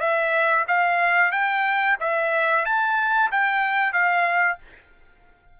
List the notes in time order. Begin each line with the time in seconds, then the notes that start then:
0.00 E5
0.68 F5
1.32 G5
2.00 E5
2.66 A5
3.31 G5
3.93 F5